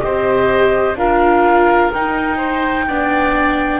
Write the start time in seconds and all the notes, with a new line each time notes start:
0.00 C4 G4 C5 D#5
0.95 D4 F4 A#4 F5
1.93 D#4 G5
2.37 C5
2.87 B3 D4 D5